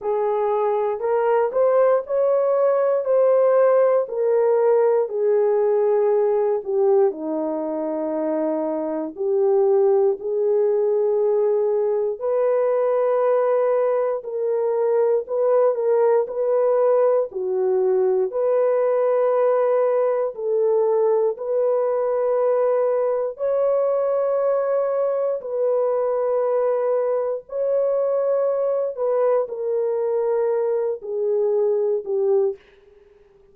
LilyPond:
\new Staff \with { instrumentName = "horn" } { \time 4/4 \tempo 4 = 59 gis'4 ais'8 c''8 cis''4 c''4 | ais'4 gis'4. g'8 dis'4~ | dis'4 g'4 gis'2 | b'2 ais'4 b'8 ais'8 |
b'4 fis'4 b'2 | a'4 b'2 cis''4~ | cis''4 b'2 cis''4~ | cis''8 b'8 ais'4. gis'4 g'8 | }